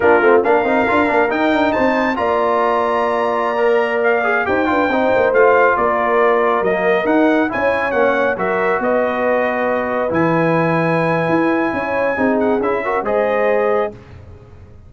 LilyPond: <<
  \new Staff \with { instrumentName = "trumpet" } { \time 4/4 \tempo 4 = 138 ais'4 f''2 g''4 | a''4 ais''2.~ | ais''4~ ais''16 f''4 g''4.~ g''16~ | g''16 f''4 d''2 dis''8.~ |
dis''16 fis''4 gis''4 fis''4 e''8.~ | e''16 dis''2. gis''8.~ | gis''1~ | gis''8 fis''8 e''4 dis''2 | }
  \new Staff \with { instrumentName = "horn" } { \time 4/4 f'4 ais'2. | c''4 d''2.~ | d''2~ d''16 c''8 b'8 c''8.~ | c''4~ c''16 ais'2~ ais'8.~ |
ais'4~ ais'16 cis''2 ais'8.~ | ais'16 b'2.~ b'8.~ | b'2. cis''4 | gis'4. ais'8 c''2 | }
  \new Staff \with { instrumentName = "trombone" } { \time 4/4 d'8 c'8 d'8 dis'8 f'8 d'8 dis'4~ | dis'4 f'2.~ | f'16 ais'4. gis'8 g'8 f'8 dis'8.~ | dis'16 f'2. ais8.~ |
ais16 dis'4 e'4 cis'4 fis'8.~ | fis'2.~ fis'16 e'8.~ | e'1 | dis'4 e'8 fis'8 gis'2 | }
  \new Staff \with { instrumentName = "tuba" } { \time 4/4 ais8 a8 ais8 c'8 d'8 ais8 dis'8 d'8 | c'4 ais2.~ | ais2~ ais16 dis'8 d'8 c'8 ais16~ | ais16 a4 ais2 fis8.~ |
fis16 dis'4 cis'4 ais4 fis8.~ | fis16 b2. e8.~ | e2 e'4 cis'4 | c'4 cis'4 gis2 | }
>>